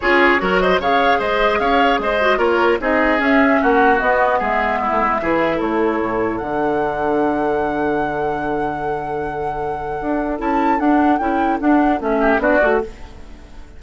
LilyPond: <<
  \new Staff \with { instrumentName = "flute" } { \time 4/4 \tempo 4 = 150 cis''4. dis''8 f''4 dis''4 | f''4 dis''4 cis''4 dis''4 | e''4 fis''4 dis''4 e''4~ | e''2 cis''2 |
fis''1~ | fis''1~ | fis''2 a''4 fis''4 | g''4 fis''4 e''4 d''4 | }
  \new Staff \with { instrumentName = "oboe" } { \time 4/4 gis'4 ais'8 c''8 cis''4 c''4 | cis''4 c''4 ais'4 gis'4~ | gis'4 fis'2 gis'4 | e'4 gis'4 a'2~ |
a'1~ | a'1~ | a'1~ | a'2~ a'8 g'8 fis'4 | }
  \new Staff \with { instrumentName = "clarinet" } { \time 4/4 f'4 fis'4 gis'2~ | gis'4. fis'8 f'4 dis'4 | cis'2 b2~ | b4 e'2. |
d'1~ | d'1~ | d'2 e'4 d'4 | e'4 d'4 cis'4 d'8 fis'8 | }
  \new Staff \with { instrumentName = "bassoon" } { \time 4/4 cis'4 fis4 cis4 gis4 | cis'4 gis4 ais4 c'4 | cis'4 ais4 b4 gis4~ | gis16 a16 gis8 e4 a4 a,4 |
d1~ | d1~ | d4 d'4 cis'4 d'4 | cis'4 d'4 a4 b8 a8 | }
>>